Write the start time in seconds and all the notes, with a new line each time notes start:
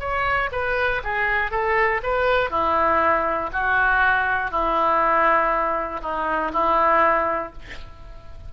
0.00 C#5
0.52 B4
1.04 G#4
1.51 A4
2.03 B4
2.50 E4
3.53 F#4
4.51 E4
6.02 D#4
6.53 E4